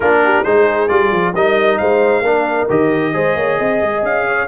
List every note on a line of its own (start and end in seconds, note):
0.00 0.43 A#3
0.00 0.45 D4
0.00 0.22 F4
0.00 0.44 A#4
0.24 0.44 G4
0.44 0.90 G#3
0.44 0.88 D#4
0.44 1.34 G#4
0.44 0.88 C5
0.88 1.11 G3
0.88 1.33 F4
0.88 1.33 D5
1.11 1.34 F3
1.34 1.79 G3
1.34 2.24 D#4
1.34 1.79 A#4
1.34 1.78 D#5
1.78 2.21 G#3
1.78 2.24 C5
1.78 2.67 F5
2.21 2.66 A#3
2.21 2.68 D4
2.21 3.14 A#4
2.68 3.14 D#3
2.68 3.13 G4
2.68 4.04 D#5
3.13 3.36 G#3
3.13 4.47 G#4
3.13 3.36 C5
3.36 3.58 A#3
3.36 3.58 C#5
3.58 3.81 C4
3.58 4.25 D#5
3.81 4.02 G#3
4.02 4.47 C#4
4.02 4.47 F5
4.26 4.47 C#5